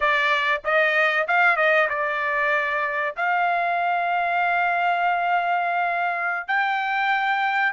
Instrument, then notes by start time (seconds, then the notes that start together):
trumpet
0.00 D5
0.64 D#5
1.27 F5
1.56 D#5
1.89 D5
3.16 F5
6.47 G5